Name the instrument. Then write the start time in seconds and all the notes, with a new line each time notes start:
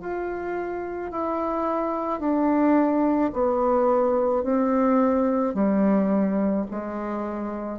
bassoon
0.00 F4
1.11 E4
2.20 D4
3.33 B3
4.43 C4
5.54 G3
6.71 G#3